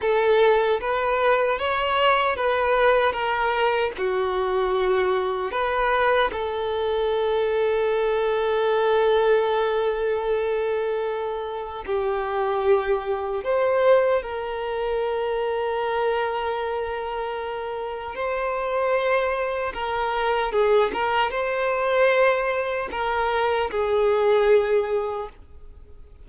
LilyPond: \new Staff \with { instrumentName = "violin" } { \time 4/4 \tempo 4 = 76 a'4 b'4 cis''4 b'4 | ais'4 fis'2 b'4 | a'1~ | a'2. g'4~ |
g'4 c''4 ais'2~ | ais'2. c''4~ | c''4 ais'4 gis'8 ais'8 c''4~ | c''4 ais'4 gis'2 | }